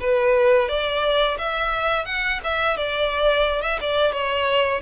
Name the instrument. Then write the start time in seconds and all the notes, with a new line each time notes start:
violin
0.00 B4
0.68 D5
1.38 E5
2.05 F#5
2.44 E5
2.76 D5
3.61 E5
3.80 D5
4.12 C#5